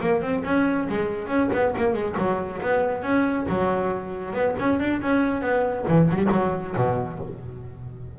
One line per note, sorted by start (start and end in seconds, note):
0.00 0.21 A#3
0.21 0.43 C4
0.44 0.87 C#4
0.88 1.27 G#3
1.27 1.49 C#4
1.53 1.74 B3
1.77 1.93 A#3
1.93 2.15 G#3
2.17 2.61 F#3
2.61 3.02 B3
3.02 3.46 C#4
3.48 4.33 F#3
4.33 4.55 B3
4.59 4.79 C#4
4.79 5.01 D4
5.01 5.41 C#4
5.41 5.85 B3
5.88 6.09 E3
6.10 6.17 F#3
6.17 6.27 G3
6.32 6.75 F#3
6.75 7.19 B2